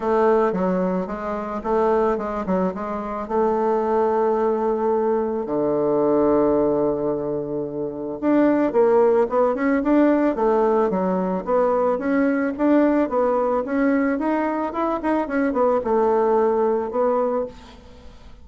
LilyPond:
\new Staff \with { instrumentName = "bassoon" } { \time 4/4 \tempo 4 = 110 a4 fis4 gis4 a4 | gis8 fis8 gis4 a2~ | a2 d2~ | d2. d'4 |
ais4 b8 cis'8 d'4 a4 | fis4 b4 cis'4 d'4 | b4 cis'4 dis'4 e'8 dis'8 | cis'8 b8 a2 b4 | }